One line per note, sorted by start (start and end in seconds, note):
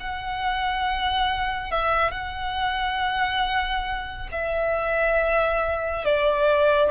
0.00 1.71 F#5
1.71 2.11 E5
2.11 4.29 F#5
4.32 6.05 E5
6.05 6.91 D5